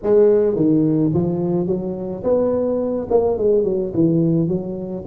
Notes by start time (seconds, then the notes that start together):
0.02 G#3
0.55 D#3
1.14 F3
1.67 F#3
2.23 B3
3.09 A#3
3.37 G#3
3.64 F#3
3.94 E3
4.48 F#3